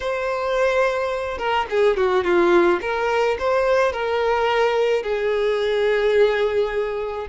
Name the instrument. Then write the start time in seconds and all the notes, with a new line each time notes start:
violin
0.00 C5
1.37 A#4
1.70 G#4
1.97 F#4
2.24 F4
2.81 A#4
3.38 C5
3.92 A#4
5.02 G#4